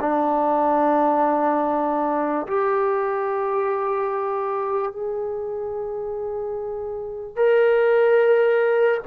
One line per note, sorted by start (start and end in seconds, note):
0.00 2.47 D4
2.47 4.92 G4
4.92 7.36 G#4
7.36 9.00 A#4